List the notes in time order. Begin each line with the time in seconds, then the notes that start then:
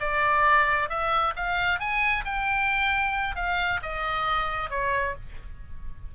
0.00 D5
0.89 E5
1.36 F5
1.80 G#5
2.25 G5
3.36 F5
3.82 D#5
4.70 C#5